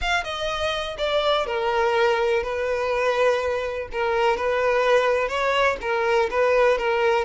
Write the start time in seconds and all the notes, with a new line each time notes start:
0.01 F5
0.24 D#5
0.97 D5
1.46 A#4
2.43 B4
3.91 A#4
4.36 B4
5.28 C#5
5.81 A#4
6.30 B4
6.77 A#4